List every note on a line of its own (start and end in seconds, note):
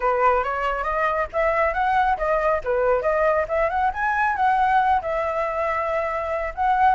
0.00 0.43 B4
0.43 0.83 C#5
0.83 1.27 D#5
1.33 1.73 E5
1.73 2.17 F#5
2.17 2.61 D#5
2.64 3.02 B4
3.02 3.45 D#5
3.48 3.69 E5
3.69 3.91 F#5
3.93 4.36 G#5
4.36 5.01 F#5
5.01 6.53 E5
6.55 6.94 F#5